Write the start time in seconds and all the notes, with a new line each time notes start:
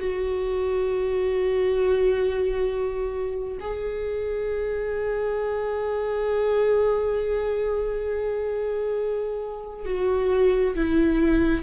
0.00 F#4
3.60 G#4
9.85 F#4
10.75 E4